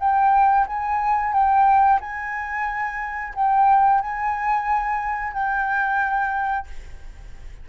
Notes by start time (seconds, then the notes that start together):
0.00 G5
0.67 G#5
1.33 G5
2.01 G#5
3.35 G5
4.01 G#5
5.34 G5